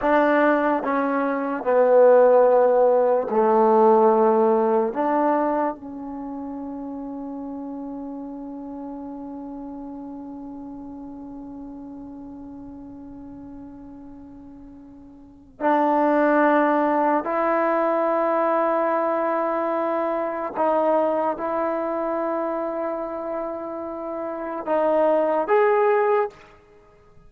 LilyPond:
\new Staff \with { instrumentName = "trombone" } { \time 4/4 \tempo 4 = 73 d'4 cis'4 b2 | a2 d'4 cis'4~ | cis'1~ | cis'1~ |
cis'2. d'4~ | d'4 e'2.~ | e'4 dis'4 e'2~ | e'2 dis'4 gis'4 | }